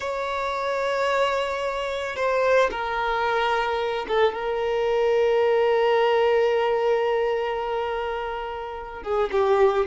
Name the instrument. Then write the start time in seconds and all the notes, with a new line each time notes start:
violin
0.00 C#5
2.15 C5
2.70 A#4
4.08 A4
4.33 A#4
9.02 G#4
9.31 G4